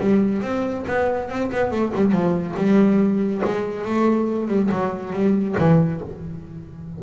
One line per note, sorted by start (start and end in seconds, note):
0.00 0.42 G3
0.42 0.85 C4
0.87 1.30 B3
1.30 1.51 C4
1.52 1.71 B3
1.71 1.93 A3
1.95 2.12 G3
2.12 2.55 F3
2.57 3.42 G3
3.45 3.85 G#3
3.85 4.48 A3
4.48 4.70 G3
4.71 5.13 F#3
5.13 5.56 G3
5.59 6.02 E3